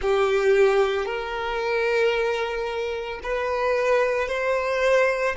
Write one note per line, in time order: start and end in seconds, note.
0.01 1.05 G4
1.05 3.19 A#4
3.23 4.28 B4
4.28 5.35 C5